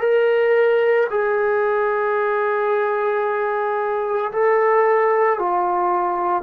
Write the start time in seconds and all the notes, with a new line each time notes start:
0.00 A#4
1.11 G#4
4.32 A4
5.39 F4